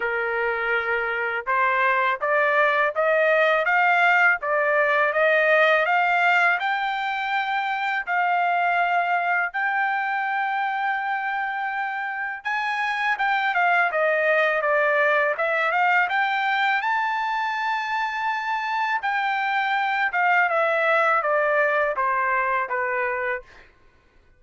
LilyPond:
\new Staff \with { instrumentName = "trumpet" } { \time 4/4 \tempo 4 = 82 ais'2 c''4 d''4 | dis''4 f''4 d''4 dis''4 | f''4 g''2 f''4~ | f''4 g''2.~ |
g''4 gis''4 g''8 f''8 dis''4 | d''4 e''8 f''8 g''4 a''4~ | a''2 g''4. f''8 | e''4 d''4 c''4 b'4 | }